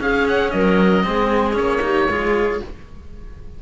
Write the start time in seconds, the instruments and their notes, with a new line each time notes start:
0.00 cello C#4, clarinet G#4, oboe F5
0.27 oboe F#5
0.50 cello F#3, clarinet A#4, oboe D#5
1.03 cello G#3 C4, clarinet G#4
1.53 cello A#3 C#4, oboe C#5
1.81 cello D#4, clarinet G4
2.08 cello G#3 F4, clarinet G#4